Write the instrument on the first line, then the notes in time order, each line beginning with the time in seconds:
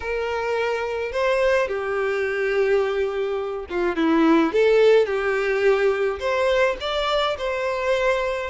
violin
0.00 A#4
1.12 C5
1.67 G4
3.69 F4
3.96 E4
4.53 A4
5.06 G4
6.19 C5
6.80 D5
7.37 C5